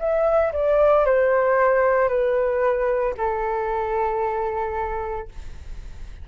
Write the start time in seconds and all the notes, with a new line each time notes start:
0.00 E5
0.53 D5
1.06 C5
2.09 B4
3.18 A4